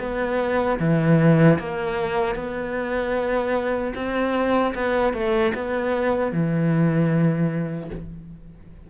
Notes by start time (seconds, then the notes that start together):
0.00 B3
0.80 E3
1.59 A#3
2.35 B3
3.95 C4
4.74 B3
5.14 A3
5.55 B3
6.32 E3